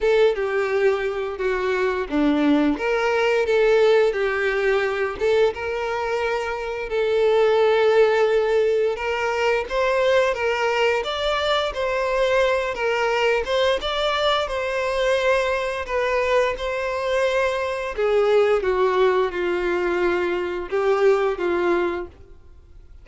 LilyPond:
\new Staff \with { instrumentName = "violin" } { \time 4/4 \tempo 4 = 87 a'8 g'4. fis'4 d'4 | ais'4 a'4 g'4. a'8 | ais'2 a'2~ | a'4 ais'4 c''4 ais'4 |
d''4 c''4. ais'4 c''8 | d''4 c''2 b'4 | c''2 gis'4 fis'4 | f'2 g'4 f'4 | }